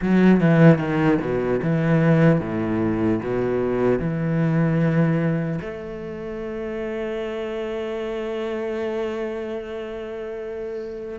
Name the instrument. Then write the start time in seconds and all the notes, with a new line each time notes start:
cello
0.01 F#3
0.40 E3
0.78 D#3
1.20 B2
1.62 E3
2.40 A2
3.21 B2
3.99 E3
5.61 A3